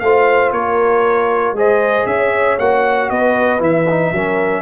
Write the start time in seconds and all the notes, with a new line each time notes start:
0.00 A3 F4 C5 F5
0.52 A#3 A#4 C#5
1.53 G#3 G#4 C5 D#5
2.06 C#4 C#5 E5
2.59 A#3 F#4 F#5
3.10 B3 B4 D#5
3.60 E3 E4 E5
3.90 D#4
4.12 F#3 C#4 A#4